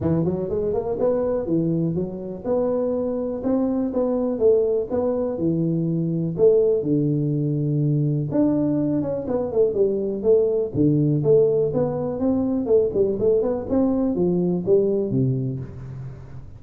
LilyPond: \new Staff \with { instrumentName = "tuba" } { \time 4/4 \tempo 4 = 123 e8 fis8 gis8 ais8 b4 e4 | fis4 b2 c'4 | b4 a4 b4 e4~ | e4 a4 d2~ |
d4 d'4. cis'8 b8 a8 | g4 a4 d4 a4 | b4 c'4 a8 g8 a8 b8 | c'4 f4 g4 c4 | }